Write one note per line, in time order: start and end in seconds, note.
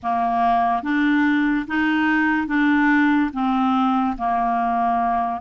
0.02 0.82 A#3
0.82 1.66 D4
1.67 2.47 D#4
2.47 3.30 D4
3.33 4.16 C4
4.17 5.41 A#3